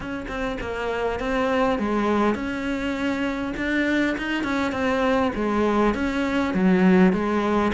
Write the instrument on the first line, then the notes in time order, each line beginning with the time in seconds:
cello
0.00 C#4
0.28 C4
0.60 A#3
1.19 C4
1.78 G#3
2.34 C#4
3.56 D4
4.17 D#4
4.43 C#4
4.72 C4
5.35 G#3
5.94 C#4
6.53 F#3
7.12 G#3